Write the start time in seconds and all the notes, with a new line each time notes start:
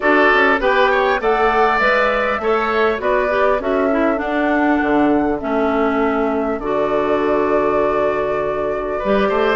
0.00 D4 F#4 A4 D5
0.33 C#4
0.59 B3 G4 B4 G5
0.91 C#5
1.19 A3 A4 D5 F#5
1.78 G#3 B4 E5
2.39 A3 A4 C#5
2.98 B3 F#4 B4 D5
3.29 G4
3.59 C#4 F#4 A4 E5
3.90 E4
4.15 D4 F#5
4.82 D3
5.39 A3 C#4 E5
6.58 D3 F#4 D5
8.98 G4 B4
9.04 G3
9.29 A3 C5